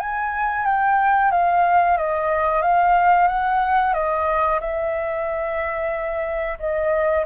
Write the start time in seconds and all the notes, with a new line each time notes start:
0.00 G#5
0.66 G5
1.32 F5
1.98 D#5
2.62 F5
3.28 F#5
3.94 D#5
4.61 E5
6.59 D#5